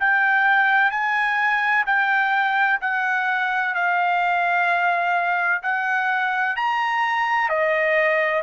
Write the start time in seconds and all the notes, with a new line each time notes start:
0.00 G5
0.91 G#5
1.86 G5
2.81 F#5
3.75 F5
5.63 F#5
6.56 A#5
7.49 D#5